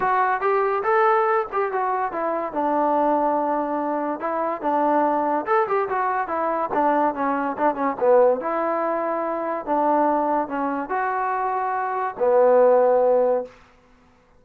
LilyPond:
\new Staff \with { instrumentName = "trombone" } { \time 4/4 \tempo 4 = 143 fis'4 g'4 a'4. g'8 | fis'4 e'4 d'2~ | d'2 e'4 d'4~ | d'4 a'8 g'8 fis'4 e'4 |
d'4 cis'4 d'8 cis'8 b4 | e'2. d'4~ | d'4 cis'4 fis'2~ | fis'4 b2. | }